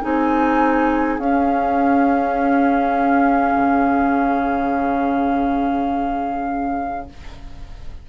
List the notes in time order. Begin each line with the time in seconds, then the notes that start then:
0.00 C4 D#4 G#4 G#5
1.18 C#4 F5
3.55 C#3